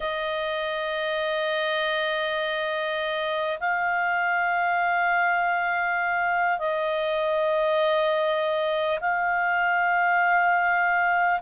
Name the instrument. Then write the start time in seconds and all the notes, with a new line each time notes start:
clarinet
0.00 D#5
3.60 F5
6.58 D#5
9.00 F5